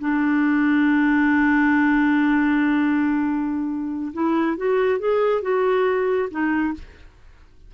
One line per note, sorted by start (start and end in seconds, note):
0.00 4.13 D4
4.14 4.57 E4
4.58 5.00 F#4
5.00 5.42 G#4
5.42 6.29 F#4
6.31 6.74 D#4